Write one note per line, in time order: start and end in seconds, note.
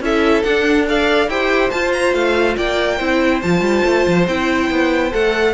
0.00 0.43 C#4
0.00 0.43 E4
0.00 0.89 A4
0.00 0.43 E5
0.43 0.86 D4
0.43 1.27 D4
0.43 0.86 F#5
0.87 1.29 A4
0.87 1.30 D5
0.87 1.29 F5
1.27 1.70 E4
1.27 1.71 G4
1.27 2.57 C5
1.27 1.70 G5
1.70 2.99 F4
1.70 2.14 F4
1.70 1.91 A5
1.92 2.14 A#5
2.14 2.56 A3
2.14 2.56 F5
2.57 3.00 A#3
2.57 2.96 D5
2.57 3.41 G5
2.96 3.43 C4
2.96 3.42 E4
2.96 5.52 C5
3.41 3.60 F3
3.41 4.28 F4
3.41 4.26 A5
3.60 3.82 G3
3.85 4.07 A3
4.07 4.27 F3
4.27 4.70 C4
4.27 5.11 E4
4.27 5.13 G5
4.70 5.12 B3
5.11 5.54 A3
5.11 5.54 A4
5.11 5.54 F#5